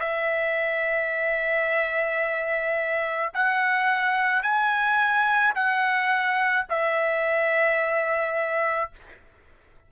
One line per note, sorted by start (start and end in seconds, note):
0.00 3.33 E5
3.34 4.43 F#5
4.43 5.54 G#5
5.56 6.67 F#5
6.70 8.92 E5